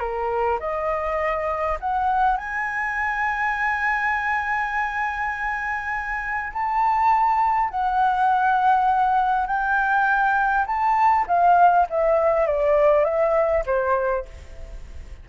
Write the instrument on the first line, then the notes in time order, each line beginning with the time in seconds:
flute
0.00 A#4
0.60 D#5
1.80 F#5
2.37 G#5
6.53 A5
7.70 F#5
9.47 G5
10.67 A5
11.28 F5
11.90 E5
12.47 D5
13.05 E5
13.66 C5